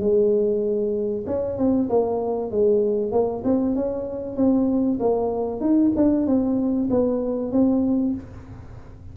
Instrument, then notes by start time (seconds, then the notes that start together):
tuba
0.00 G#3
1.27 C#4
1.58 C4
1.90 A#3
2.51 G#3
3.12 A#3
3.45 C4
3.76 C#4
4.36 C4
5.00 A#3
5.61 D#4
5.97 D4
6.27 C4
6.90 B3
7.52 C4